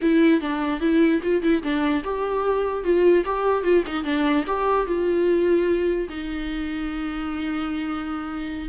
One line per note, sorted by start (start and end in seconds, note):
0.01 0.40 E4
0.40 0.80 D4
0.80 1.21 E4
1.22 1.42 F4
1.42 1.62 E4
1.62 2.03 D4
2.04 2.84 G4
2.84 3.24 F4
3.25 3.63 G4
3.63 3.83 F4
3.86 4.04 D#4
4.04 4.44 D4
4.46 4.86 G4
4.86 6.08 F4
6.09 8.68 D#4